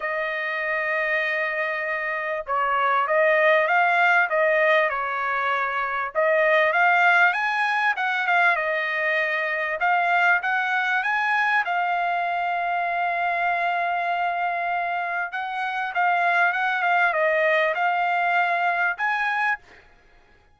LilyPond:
\new Staff \with { instrumentName = "trumpet" } { \time 4/4 \tempo 4 = 98 dis''1 | cis''4 dis''4 f''4 dis''4 | cis''2 dis''4 f''4 | gis''4 fis''8 f''8 dis''2 |
f''4 fis''4 gis''4 f''4~ | f''1~ | f''4 fis''4 f''4 fis''8 f''8 | dis''4 f''2 gis''4 | }